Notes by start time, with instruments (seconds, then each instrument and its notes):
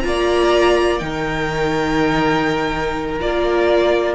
0.00 cello A#3, viola F4, violin A#5
0.07 violin D5
0.99 cello D#3, viola D#4, violin A#4 G5
3.19 cello A#3, viola F4, violin D5